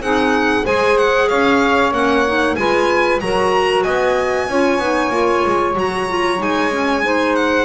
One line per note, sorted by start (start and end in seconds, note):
0.00 0.64 C4
0.00 0.65 D#4
0.00 0.64 G#4
0.00 0.65 F#5
0.64 1.30 G#3
0.64 1.92 G#4
0.64 1.28 C5
0.64 0.98 G#5
0.98 1.29 F#5
1.28 1.92 C#4
1.28 2.56 C#5
1.28 1.92 F5
1.92 2.55 A#3
1.92 2.24 C#4
1.92 2.55 F#5
2.26 2.57 D#4
2.55 3.21 G#3
2.55 3.21 F4
2.55 3.22 B4
2.55 3.19 G#5
3.20 3.86 F#3
3.20 4.50 F#4
3.20 3.84 A#4
3.20 3.83 A#5
3.83 4.49 B3
3.83 4.47 D#5
3.83 5.74 G#5
4.49 4.79 C#4
4.49 4.80 F4
4.49 7.04 C#5
4.79 5.10 B3
4.79 5.11 D#4
5.10 5.42 A#3
5.10 5.75 F4
5.46 5.75 G#3
5.75 6.39 F#3
5.75 6.07 F#4
5.75 6.42 A#5
6.08 6.38 F4
6.38 7.65 G#3
6.38 6.70 D#4
6.38 7.35 G#5
6.70 7.02 C#4
7.03 7.65 D#4
7.03 7.65 C5
7.35 7.65 F#5